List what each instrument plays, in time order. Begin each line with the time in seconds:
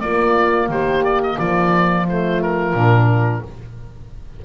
0.00 double bass A#3, saxophone A#3, horn F4, oboe D5
0.68 double bass D#3, horn G4, oboe C5
1.04 oboe D5
1.23 oboe D#5
1.38 double bass F3, horn F4, oboe D5
2.06 saxophone A3, oboe C5
2.42 oboe A#4
2.73 double bass A#2, saxophone D4